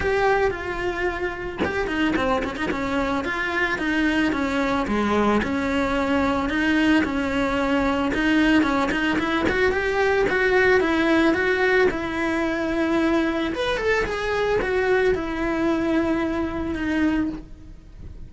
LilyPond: \new Staff \with { instrumentName = "cello" } { \time 4/4 \tempo 4 = 111 g'4 f'2 g'8 dis'8 | c'8 cis'16 dis'16 cis'4 f'4 dis'4 | cis'4 gis4 cis'2 | dis'4 cis'2 dis'4 |
cis'8 dis'8 e'8 fis'8 g'4 fis'4 | e'4 fis'4 e'2~ | e'4 b'8 a'8 gis'4 fis'4 | e'2. dis'4 | }